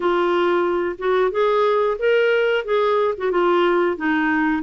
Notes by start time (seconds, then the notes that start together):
0.00 F4
0.98 F#4
1.31 G#4
1.98 A#4
2.64 G#4
3.17 F#4
3.31 F4
3.97 D#4